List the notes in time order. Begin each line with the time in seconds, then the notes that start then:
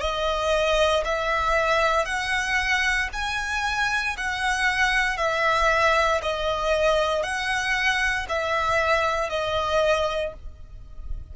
0.00 D#5
1.04 E5
2.05 F#5
3.13 G#5
4.17 F#5
5.17 E5
6.22 D#5
7.23 F#5
8.29 E5
9.29 D#5